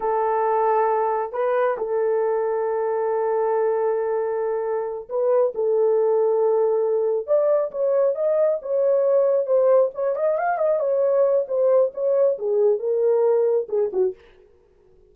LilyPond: \new Staff \with { instrumentName = "horn" } { \time 4/4 \tempo 4 = 136 a'2. b'4 | a'1~ | a'2.~ a'8 b'8~ | b'8 a'2.~ a'8~ |
a'8 d''4 cis''4 dis''4 cis''8~ | cis''4. c''4 cis''8 dis''8 f''8 | dis''8 cis''4. c''4 cis''4 | gis'4 ais'2 gis'8 fis'8 | }